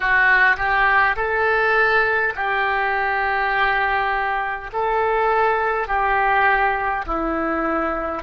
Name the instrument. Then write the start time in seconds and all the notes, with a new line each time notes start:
oboe
0.00 F#4
0.56 G4
1.16 A4
2.35 G4
4.73 A4
5.87 G4
7.06 E4